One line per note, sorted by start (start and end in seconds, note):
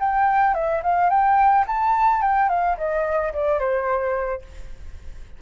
0.00 0.54 G5
0.54 0.82 E5
0.83 1.10 F5
1.10 1.65 G5
1.67 2.22 A5
2.22 2.49 G5
2.49 2.77 F5
2.78 3.33 D#5
3.34 3.60 D5
3.60 4.42 C5